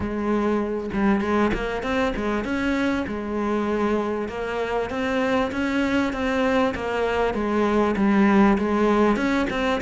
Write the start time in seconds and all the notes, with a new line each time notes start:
0.00 G#3
0.93 G3
1.21 G#3
1.53 A#3
1.82 C4
2.16 G#3
2.44 C#4
3.07 G#3
4.28 A#3
4.90 C4
5.51 C#4
6.13 C4
6.74 A#3
7.34 G#3
7.96 G3
8.58 G#3
9.16 C#4
9.50 C4